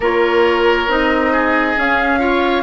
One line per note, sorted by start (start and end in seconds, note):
0.00 0.87 A#3
0.00 0.88 F4
0.00 1.32 A#4
0.00 0.91 C#5
0.87 1.76 C4
0.87 1.76 D#4
0.87 1.78 D#5
1.32 2.19 G#4
1.76 2.19 C#4
1.76 2.63 C#4
1.76 2.63 F5
2.19 2.63 F4
2.19 2.63 C#5